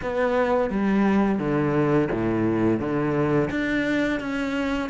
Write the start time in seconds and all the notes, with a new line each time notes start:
0.02 B3
0.69 G3
1.38 D3
2.11 A2
2.79 D3
3.50 D4
4.20 C#4